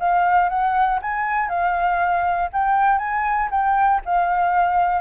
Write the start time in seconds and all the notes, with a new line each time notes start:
0.00 F5
0.50 F#5
1.02 G#5
1.49 F5
2.53 G5
2.99 G#5
3.51 G5
4.06 F5